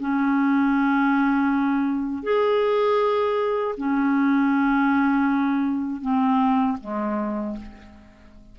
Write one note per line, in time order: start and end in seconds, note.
0.00 2.23 C#4
2.23 3.75 G#4
3.78 6.02 C#4
6.02 6.78 C4
6.81 7.57 G#3